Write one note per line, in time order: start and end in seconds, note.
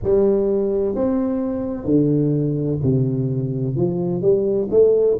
0.03 0.95 G3
0.95 1.85 C4
1.85 2.78 D3
2.83 3.75 C3
3.75 4.21 F3
4.21 4.68 G3
4.70 5.17 A3